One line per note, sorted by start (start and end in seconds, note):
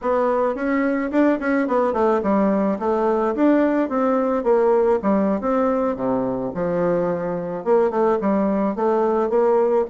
0.01 0.55 B3
0.55 1.10 C#4
1.11 1.39 D4
1.39 1.67 C#4
1.67 1.93 B3
1.93 2.20 A3
2.22 2.78 G3
2.79 3.35 A3
3.35 3.89 D4
3.89 4.43 C4
4.43 4.98 A#3
5.02 5.40 G3
5.40 5.96 C4
5.96 6.51 C3
6.54 7.64 F3
7.64 7.90 A#3
7.90 8.18 A3
8.20 8.75 G3
8.75 9.29 A3
9.29 9.85 A#3